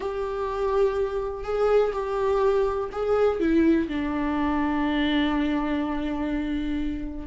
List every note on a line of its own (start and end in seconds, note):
0.00 1.44 G4
1.44 1.92 G#4
1.92 2.89 G4
2.92 3.40 G#4
3.40 3.88 E4
3.88 7.27 D4